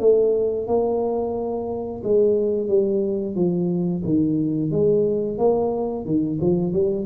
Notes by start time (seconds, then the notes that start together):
0.00 A3
0.68 A#3
2.04 G#3
2.68 G3
3.36 F3
4.05 D#3
4.71 G#3
5.38 A#3
6.06 D#3
6.41 F3
6.73 G3